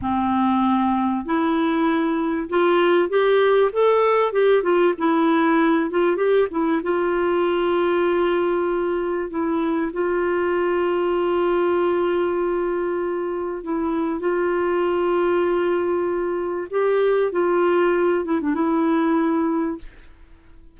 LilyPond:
\new Staff \with { instrumentName = "clarinet" } { \time 4/4 \tempo 4 = 97 c'2 e'2 | f'4 g'4 a'4 g'8 f'8 | e'4. f'8 g'8 e'8 f'4~ | f'2. e'4 |
f'1~ | f'2 e'4 f'4~ | f'2. g'4 | f'4. e'16 d'16 e'2 | }